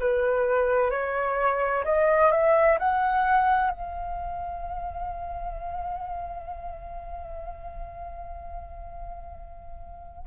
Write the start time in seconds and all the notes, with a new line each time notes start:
0.00 B4
0.91 C#5
1.85 D#5
2.31 E5
2.79 F#5
3.71 F5